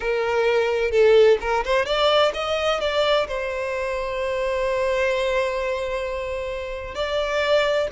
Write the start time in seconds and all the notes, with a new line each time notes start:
0.00 A#4
0.91 A4
1.40 A#4
1.64 C5
1.85 D5
2.34 D#5
2.80 D5
3.27 C5
6.95 D5